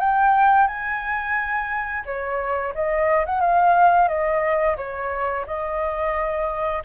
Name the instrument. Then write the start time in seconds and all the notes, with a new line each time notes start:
flute
0.00 G5
0.67 G#5
2.05 C#5
2.75 D#5
3.26 F#5
3.41 F5
4.08 D#5
4.77 C#5
5.46 D#5